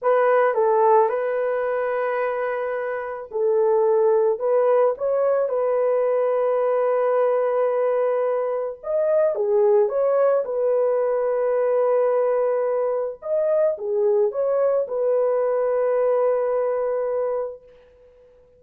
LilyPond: \new Staff \with { instrumentName = "horn" } { \time 4/4 \tempo 4 = 109 b'4 a'4 b'2~ | b'2 a'2 | b'4 cis''4 b'2~ | b'1 |
dis''4 gis'4 cis''4 b'4~ | b'1 | dis''4 gis'4 cis''4 b'4~ | b'1 | }